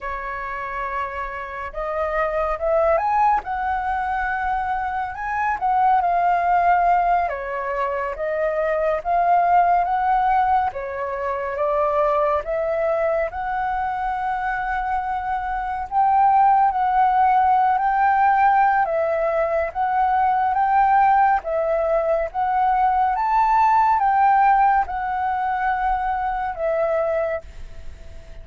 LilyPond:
\new Staff \with { instrumentName = "flute" } { \time 4/4 \tempo 4 = 70 cis''2 dis''4 e''8 gis''8 | fis''2 gis''8 fis''8 f''4~ | f''8 cis''4 dis''4 f''4 fis''8~ | fis''8 cis''4 d''4 e''4 fis''8~ |
fis''2~ fis''8 g''4 fis''8~ | fis''8. g''4~ g''16 e''4 fis''4 | g''4 e''4 fis''4 a''4 | g''4 fis''2 e''4 | }